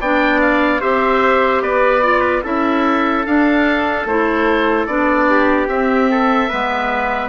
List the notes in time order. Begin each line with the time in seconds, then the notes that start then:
0.00 B3 D4 D5 G5
0.40 F5
0.80 C4 G4 C5 E5
1.61 B3 B4 D5
2.02 F4 D5
2.20 B4
2.43 C#4 E4 A4 E5
3.26 D4 F5
4.05 A3 E4 C5
4.86 B3 D4 D5
5.30 G4
5.67 C4 E5
6.11 A4
6.48 G#3 B3 B4